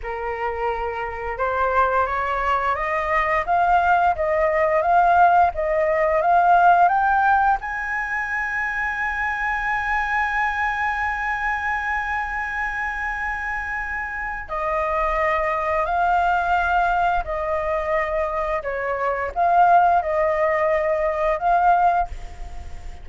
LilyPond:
\new Staff \with { instrumentName = "flute" } { \time 4/4 \tempo 4 = 87 ais'2 c''4 cis''4 | dis''4 f''4 dis''4 f''4 | dis''4 f''4 g''4 gis''4~ | gis''1~ |
gis''1~ | gis''4 dis''2 f''4~ | f''4 dis''2 cis''4 | f''4 dis''2 f''4 | }